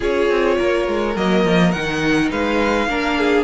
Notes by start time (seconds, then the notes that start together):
0.00 C#4 F4 G#4 C#5
0.29 C4
0.58 A#3 A#4
0.87 G#3
1.16 F#3 A#3 D#5
1.45 F3
1.71 D#3 D#4 F#5
2.30 G#3 B4 F5
2.87 A#3 D4 A#4
3.18 G#4